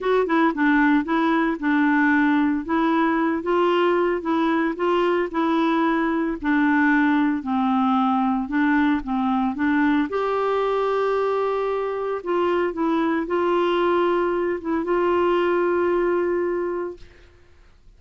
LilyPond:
\new Staff \with { instrumentName = "clarinet" } { \time 4/4 \tempo 4 = 113 fis'8 e'8 d'4 e'4 d'4~ | d'4 e'4. f'4. | e'4 f'4 e'2 | d'2 c'2 |
d'4 c'4 d'4 g'4~ | g'2. f'4 | e'4 f'2~ f'8 e'8 | f'1 | }